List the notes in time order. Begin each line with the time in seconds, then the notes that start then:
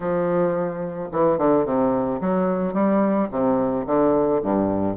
0.00 F3
1.12 E3
1.38 D3
1.65 C3
2.20 F#3
2.73 G3
3.30 C3
3.86 D3
4.42 G2